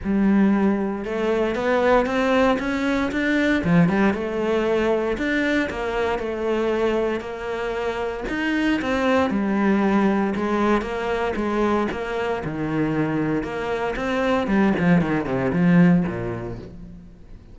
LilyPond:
\new Staff \with { instrumentName = "cello" } { \time 4/4 \tempo 4 = 116 g2 a4 b4 | c'4 cis'4 d'4 f8 g8 | a2 d'4 ais4 | a2 ais2 |
dis'4 c'4 g2 | gis4 ais4 gis4 ais4 | dis2 ais4 c'4 | g8 f8 dis8 c8 f4 ais,4 | }